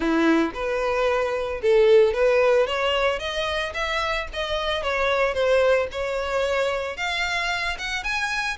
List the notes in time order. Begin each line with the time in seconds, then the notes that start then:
0.00 E4
0.54 B4
1.62 A4
2.13 B4
2.66 C#5
3.19 D#5
3.74 E5
4.33 D#5
4.83 C#5
5.34 C5
5.91 C#5
6.96 F5
7.78 F#5
8.03 G#5